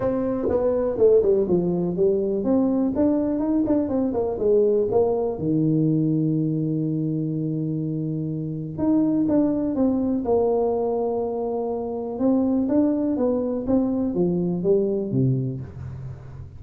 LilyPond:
\new Staff \with { instrumentName = "tuba" } { \time 4/4 \tempo 4 = 123 c'4 b4 a8 g8 f4 | g4 c'4 d'4 dis'8 d'8 | c'8 ais8 gis4 ais4 dis4~ | dis1~ |
dis2 dis'4 d'4 | c'4 ais2.~ | ais4 c'4 d'4 b4 | c'4 f4 g4 c4 | }